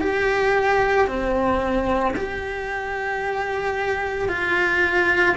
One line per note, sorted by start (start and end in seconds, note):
0.00 1.07 G4
1.08 2.15 C4
2.16 4.29 G4
4.29 5.36 F4